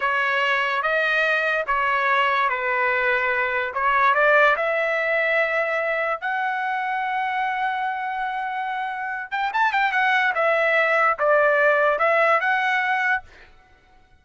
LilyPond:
\new Staff \with { instrumentName = "trumpet" } { \time 4/4 \tempo 4 = 145 cis''2 dis''2 | cis''2 b'2~ | b'4 cis''4 d''4 e''4~ | e''2. fis''4~ |
fis''1~ | fis''2~ fis''8 g''8 a''8 g''8 | fis''4 e''2 d''4~ | d''4 e''4 fis''2 | }